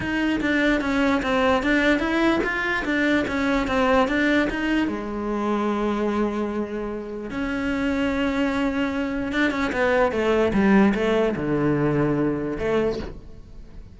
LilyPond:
\new Staff \with { instrumentName = "cello" } { \time 4/4 \tempo 4 = 148 dis'4 d'4 cis'4 c'4 | d'4 e'4 f'4 d'4 | cis'4 c'4 d'4 dis'4 | gis1~ |
gis2 cis'2~ | cis'2. d'8 cis'8 | b4 a4 g4 a4 | d2. a4 | }